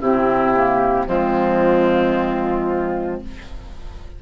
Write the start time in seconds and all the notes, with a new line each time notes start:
0.00 C3 C4 E4 G4
0.55 A#3
1.06 F3 G#3 C4 F4